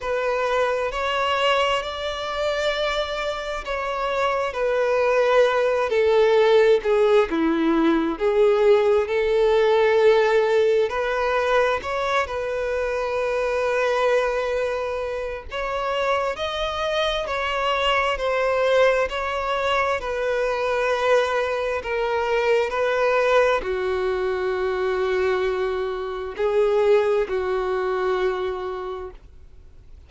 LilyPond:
\new Staff \with { instrumentName = "violin" } { \time 4/4 \tempo 4 = 66 b'4 cis''4 d''2 | cis''4 b'4. a'4 gis'8 | e'4 gis'4 a'2 | b'4 cis''8 b'2~ b'8~ |
b'4 cis''4 dis''4 cis''4 | c''4 cis''4 b'2 | ais'4 b'4 fis'2~ | fis'4 gis'4 fis'2 | }